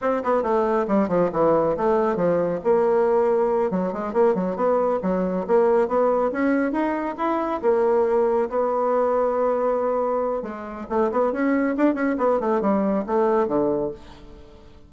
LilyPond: \new Staff \with { instrumentName = "bassoon" } { \time 4/4 \tempo 4 = 138 c'8 b8 a4 g8 f8 e4 | a4 f4 ais2~ | ais8 fis8 gis8 ais8 fis8 b4 fis8~ | fis8 ais4 b4 cis'4 dis'8~ |
dis'8 e'4 ais2 b8~ | b1 | gis4 a8 b8 cis'4 d'8 cis'8 | b8 a8 g4 a4 d4 | }